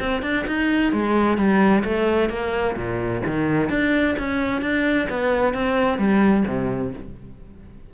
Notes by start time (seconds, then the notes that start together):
0.00 C4
0.22 D4
0.47 D#4
0.93 G#3
1.38 G3
1.85 A3
2.30 A#3
2.77 A#2
3.27 D#3
3.70 D4
4.19 C#4
4.62 D4
5.10 B3
5.54 C4
5.99 G3
6.48 C3